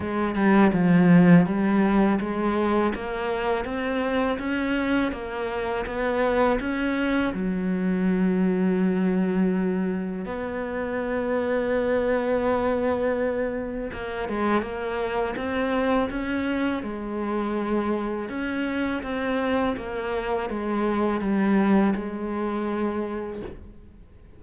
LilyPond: \new Staff \with { instrumentName = "cello" } { \time 4/4 \tempo 4 = 82 gis8 g8 f4 g4 gis4 | ais4 c'4 cis'4 ais4 | b4 cis'4 fis2~ | fis2 b2~ |
b2. ais8 gis8 | ais4 c'4 cis'4 gis4~ | gis4 cis'4 c'4 ais4 | gis4 g4 gis2 | }